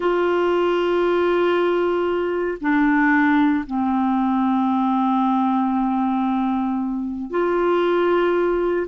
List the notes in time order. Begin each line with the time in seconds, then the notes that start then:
0.00 F4
2.60 D4
3.66 C4
7.30 F4